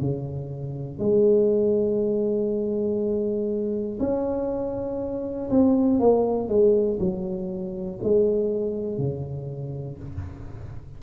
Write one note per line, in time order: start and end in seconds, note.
0.00 0.98 C#3
0.98 3.98 G#3
4.00 5.50 C#4
5.50 6.00 C4
6.00 6.48 A#3
6.48 6.98 G#3
7.00 8.00 F#3
8.03 8.98 G#3
8.98 9.98 C#3